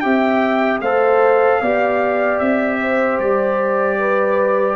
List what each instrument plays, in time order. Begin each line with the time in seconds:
0.00 tuba C4, trombone G4, horn E5, trumpet G5
0.81 tuba A3, trombone A4, horn C5, trumpet F5
1.61 tuba B3, trombone G4, horn D5
2.39 tuba C4, trumpet E5
2.81 horn C5
3.19 tuba G3, trumpet D5
3.99 horn B4